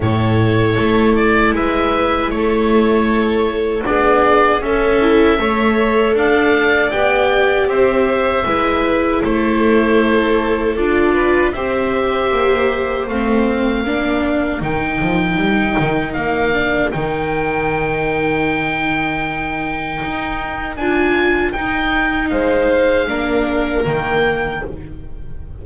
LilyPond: <<
  \new Staff \with { instrumentName = "oboe" } { \time 4/4 \tempo 4 = 78 cis''4. d''8 e''4 cis''4~ | cis''4 d''4 e''2 | f''4 g''4 e''2 | c''2 d''4 e''4~ |
e''4 f''2 g''4~ | g''4 f''4 g''2~ | g''2. gis''4 | g''4 f''2 g''4 | }
  \new Staff \with { instrumentName = "violin" } { \time 4/4 a'2 b'4 a'4~ | a'4 gis'4 a'4 cis''4 | d''2 c''4 b'4 | a'2~ a'8 b'8 c''4~ |
c''2 ais'2~ | ais'1~ | ais'1~ | ais'4 c''4 ais'2 | }
  \new Staff \with { instrumentName = "viola" } { \time 4/4 e'1~ | e'4 d'4 cis'8 e'8 a'4~ | a'4 g'2 e'4~ | e'2 f'4 g'4~ |
g'4 c'4 d'4 dis'4~ | dis'4. d'8 dis'2~ | dis'2. f'4 | dis'2 d'4 ais4 | }
  \new Staff \with { instrumentName = "double bass" } { \time 4/4 a,4 a4 gis4 a4~ | a4 b4 cis'4 a4 | d'4 b4 c'4 gis4 | a2 d'4 c'4 |
ais4 a4 ais4 dis8 f8 | g8 dis8 ais4 dis2~ | dis2 dis'4 d'4 | dis'4 gis4 ais4 dis4 | }
>>